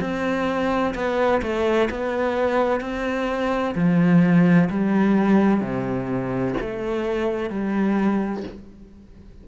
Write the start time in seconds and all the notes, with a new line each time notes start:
0.00 C4
0.94 B3
1.42 A3
1.90 B3
2.80 C4
3.75 F3
4.70 G3
5.60 C3
6.60 A3
7.49 G3